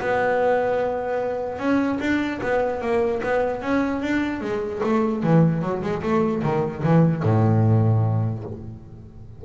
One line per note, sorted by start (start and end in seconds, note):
0.00 1.58 B3
1.58 1.99 C#4
2.00 2.40 D4
2.42 2.81 B3
2.81 3.21 A#3
3.23 3.61 B3
3.61 4.01 C#4
4.01 4.41 D4
4.41 4.81 G#3
4.83 5.23 A3
5.23 5.61 E3
5.61 5.82 F#3
5.82 6.02 G#3
6.02 6.42 A3
6.43 6.83 D#3
6.83 7.23 E3
7.23 8.44 A2